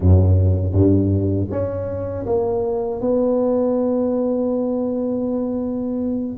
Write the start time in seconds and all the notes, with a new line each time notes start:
0.00 F#2
0.72 G2
1.50 C#4
2.26 A#3
3.00 B3